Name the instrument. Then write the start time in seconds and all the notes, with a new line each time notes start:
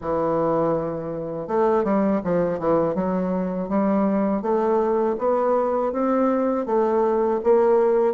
bassoon
0.01 E3
1.47 A3
1.84 G3
2.24 F3
2.59 E3
2.94 F#3
3.68 G3
4.41 A3
5.18 B3
5.92 C4
6.66 A3
7.43 A#3